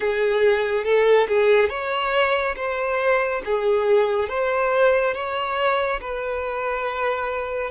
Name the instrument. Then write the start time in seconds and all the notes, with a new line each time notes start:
violin
0.00 G#4
0.84 A4
1.27 G#4
1.69 C#5
2.56 C5
3.45 G#4
4.29 C5
5.14 C#5
6.00 B4